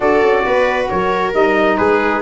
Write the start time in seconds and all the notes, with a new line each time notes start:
0.00 D4 F#4 A4 D5
0.22 C#4
0.45 B3 B4
0.89 F#3 A#4 C#5
1.32 G3 D#4 D#5
1.77 G#3 G#4 B4